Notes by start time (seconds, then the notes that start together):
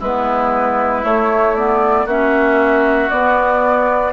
0.00 G#3 B3 E4 B4
1.03 A3 C#5
1.56 B3 D5
2.06 A#3 C#4 F#4 E5
3.10 B3 D5